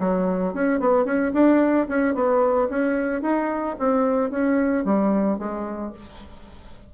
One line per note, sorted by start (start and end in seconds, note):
0.00 0.54 F#3
0.54 0.80 C#4
0.80 1.06 B3
1.06 1.33 C#4
1.34 1.88 D4
1.89 2.15 C#4
2.15 2.69 B3
2.70 3.22 C#4
3.22 3.76 D#4
3.80 4.31 C4
4.31 4.85 C#4
4.85 5.39 G3
5.39 5.93 G#3